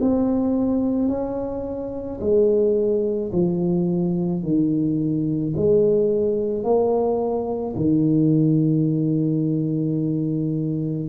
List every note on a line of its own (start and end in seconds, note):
0.00 1.09 C4
1.09 2.20 C#4
2.21 3.32 G#3
3.32 4.43 F3
4.43 5.54 D#3
5.56 6.64 G#3
6.64 7.75 A#3
7.76 11.09 D#3